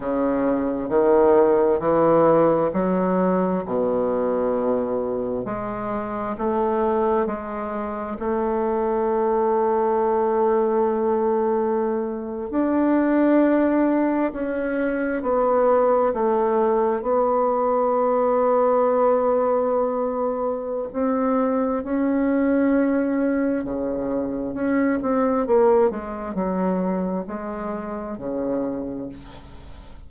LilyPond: \new Staff \with { instrumentName = "bassoon" } { \time 4/4 \tempo 4 = 66 cis4 dis4 e4 fis4 | b,2 gis4 a4 | gis4 a2.~ | a4.~ a16 d'2 cis'16~ |
cis'8. b4 a4 b4~ b16~ | b2. c'4 | cis'2 cis4 cis'8 c'8 | ais8 gis8 fis4 gis4 cis4 | }